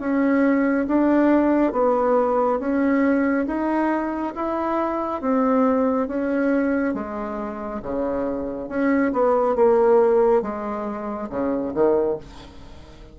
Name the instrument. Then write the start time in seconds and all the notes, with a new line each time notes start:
bassoon
0.00 C#4
0.88 D4
1.73 B3
2.60 C#4
3.47 D#4
4.36 E4
5.22 C4
6.08 C#4
6.94 G#3
7.83 C#3
8.69 C#4
9.13 B3
9.56 A#3
10.42 G#3
11.30 C#3
11.74 D#3